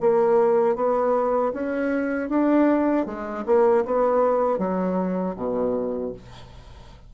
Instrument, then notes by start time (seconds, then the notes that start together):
bassoon
0.00 A#3
0.75 B3
1.53 C#4
2.29 D4
3.06 G#3
3.45 A#3
3.85 B3
4.58 F#3
5.36 B2